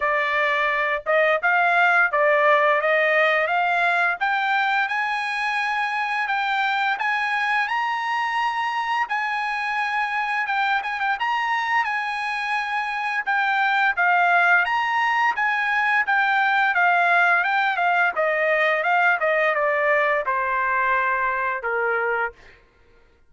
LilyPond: \new Staff \with { instrumentName = "trumpet" } { \time 4/4 \tempo 4 = 86 d''4. dis''8 f''4 d''4 | dis''4 f''4 g''4 gis''4~ | gis''4 g''4 gis''4 ais''4~ | ais''4 gis''2 g''8 gis''16 g''16 |
ais''4 gis''2 g''4 | f''4 ais''4 gis''4 g''4 | f''4 g''8 f''8 dis''4 f''8 dis''8 | d''4 c''2 ais'4 | }